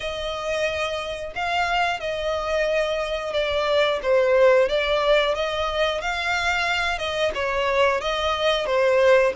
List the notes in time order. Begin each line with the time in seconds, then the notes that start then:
0.00 D#5
1.35 F5
1.99 D#5
3.33 D5
4.02 C5
4.68 D5
5.35 D#5
6.01 F5
6.98 D#5
7.34 C#5
8.01 D#5
8.65 C5